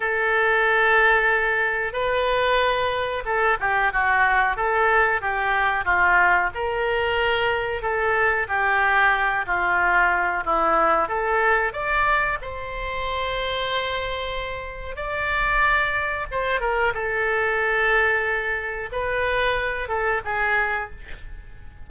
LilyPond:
\new Staff \with { instrumentName = "oboe" } { \time 4/4 \tempo 4 = 92 a'2. b'4~ | b'4 a'8 g'8 fis'4 a'4 | g'4 f'4 ais'2 | a'4 g'4. f'4. |
e'4 a'4 d''4 c''4~ | c''2. d''4~ | d''4 c''8 ais'8 a'2~ | a'4 b'4. a'8 gis'4 | }